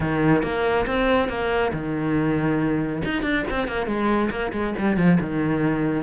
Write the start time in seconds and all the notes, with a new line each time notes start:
0.00 D#3
0.42 A#3
0.86 C4
1.28 A#3
1.73 D#3
3.05 D#4
3.22 D4
3.50 C4
3.67 A#3
3.86 G#3
4.30 A#3
4.52 G#3
4.78 G3
4.96 F3
5.20 D#3